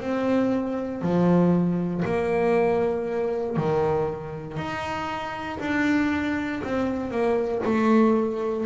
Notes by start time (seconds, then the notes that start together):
0.00 C4
1.02 F3
2.05 A#3
3.56 D#3
4.57 D#4
5.60 D4
6.64 C4
7.11 A#3
7.65 A3